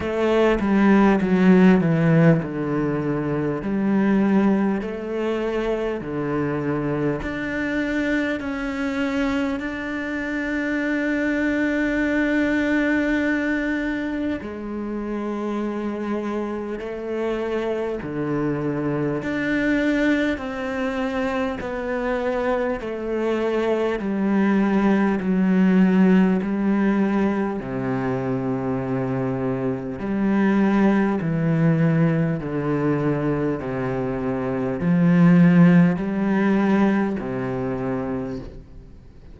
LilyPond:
\new Staff \with { instrumentName = "cello" } { \time 4/4 \tempo 4 = 50 a8 g8 fis8 e8 d4 g4 | a4 d4 d'4 cis'4 | d'1 | gis2 a4 d4 |
d'4 c'4 b4 a4 | g4 fis4 g4 c4~ | c4 g4 e4 d4 | c4 f4 g4 c4 | }